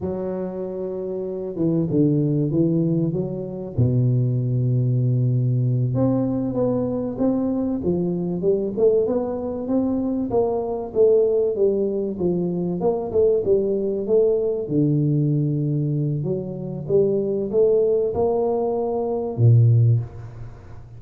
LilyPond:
\new Staff \with { instrumentName = "tuba" } { \time 4/4 \tempo 4 = 96 fis2~ fis8 e8 d4 | e4 fis4 b,2~ | b,4. c'4 b4 c'8~ | c'8 f4 g8 a8 b4 c'8~ |
c'8 ais4 a4 g4 f8~ | f8 ais8 a8 g4 a4 d8~ | d2 fis4 g4 | a4 ais2 ais,4 | }